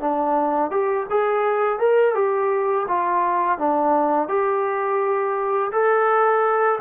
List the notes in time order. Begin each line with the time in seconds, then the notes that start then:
0.00 D4
0.71 G4
1.10 G#4
1.80 A#4
2.15 G4
2.88 F4
3.58 D4
4.28 G4
5.72 A4